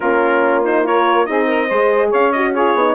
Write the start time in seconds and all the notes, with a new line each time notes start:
0.00 A#3 C#4 F4 A#4
0.64 D#4 C5
0.83 F4 A#4 C#5
1.25 C4 D#4 G#4 D#5
1.46 A#4
1.67 G#3 G#4 C5
2.09 C#4 C#5 F5
2.32 F#4 D#5
2.53 F4 G#4 C#5
2.74 B3 D#4